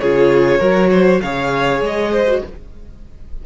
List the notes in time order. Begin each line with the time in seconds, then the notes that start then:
0.00 C#3 F4 G#4 C#5
0.60 F#3 F#4 A#4
0.92 C5
1.21 C#3 G#4 C#5 F5
1.81 G#3 D#5
2.12 C5
2.27 F#4